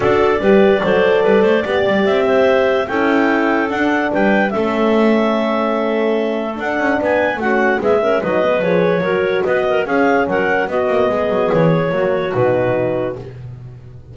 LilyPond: <<
  \new Staff \with { instrumentName = "clarinet" } { \time 4/4 \tempo 4 = 146 d''1~ | d''4 e''2 g''4~ | g''4 fis''4 g''4 e''4~ | e''1 |
fis''4 gis''4 fis''4 e''4 | dis''4 cis''2 dis''4 | f''4 fis''4 dis''2 | cis''2 b'2 | }
  \new Staff \with { instrumentName = "clarinet" } { \time 4/4 a'4 b'4 c''4 b'8 c''8 | d''4. c''4. a'4~ | a'2 b'4 a'4~ | a'1~ |
a'4 b'4 fis'4 gis'8 ais'8 | b'2 ais'4 b'8 ais'8 | gis'4 ais'4 fis'4 gis'4~ | gis'4 fis'2. | }
  \new Staff \with { instrumentName = "horn" } { \time 4/4 fis'4 g'4 a'2 | g'2. e'4~ | e'4 d'2 cis'4~ | cis'1 |
d'2 cis'4 b8 cis'8 | dis'8 b8 gis'4 fis'2 | cis'2 b2~ | b4 ais4 dis'2 | }
  \new Staff \with { instrumentName = "double bass" } { \time 4/4 d'4 g4 fis4 g8 a8 | b8 g8 c'2 cis'4~ | cis'4 d'4 g4 a4~ | a1 |
d'8 cis'8 b4 a4 gis4 | fis4 f4 fis4 b4 | cis'4 fis4 b8 ais8 gis8 fis8 | e4 fis4 b,2 | }
>>